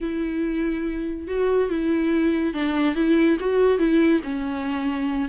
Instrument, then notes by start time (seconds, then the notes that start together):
viola
0.01 E4
1.27 F#4
1.69 E4
2.53 D4
2.95 E4
3.40 F#4
3.78 E4
4.23 C#4